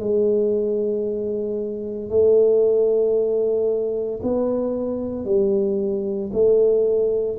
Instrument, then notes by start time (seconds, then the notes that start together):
tuba
0.00 G#3
2.10 A3
4.23 B3
5.25 G3
6.33 A3